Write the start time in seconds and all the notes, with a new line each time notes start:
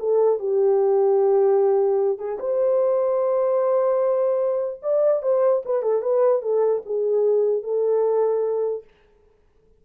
0.00 A4
0.40 G4
2.19 G#4
2.39 C5
4.83 D5
5.23 C5
5.66 B4
5.83 A4
6.03 B4
6.42 A4
6.86 G#4
7.64 A4